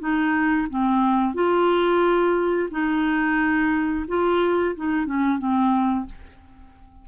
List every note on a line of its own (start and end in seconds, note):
0.00 0.67 D#4
0.69 1.34 C4
1.34 2.69 F4
2.71 4.06 D#4
4.08 4.75 F4
4.76 5.06 D#4
5.06 5.38 C#4
5.38 6.06 C4